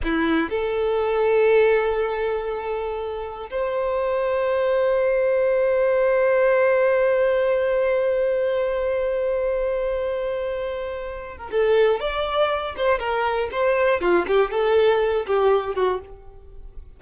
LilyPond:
\new Staff \with { instrumentName = "violin" } { \time 4/4 \tempo 4 = 120 e'4 a'2.~ | a'2. c''4~ | c''1~ | c''1~ |
c''1~ | c''2~ c''8. ais'16 a'4 | d''4. c''8 ais'4 c''4 | f'8 g'8 a'4. g'4 fis'8 | }